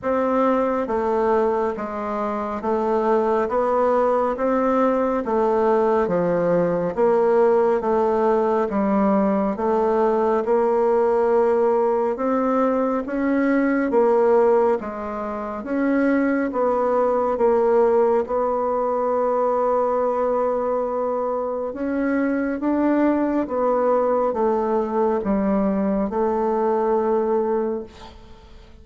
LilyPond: \new Staff \with { instrumentName = "bassoon" } { \time 4/4 \tempo 4 = 69 c'4 a4 gis4 a4 | b4 c'4 a4 f4 | ais4 a4 g4 a4 | ais2 c'4 cis'4 |
ais4 gis4 cis'4 b4 | ais4 b2.~ | b4 cis'4 d'4 b4 | a4 g4 a2 | }